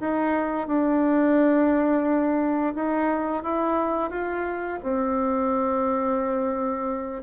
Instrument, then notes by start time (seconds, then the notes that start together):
bassoon
0.00 D#4
0.67 D4
2.75 D#4
3.43 E4
4.10 F4
4.82 C4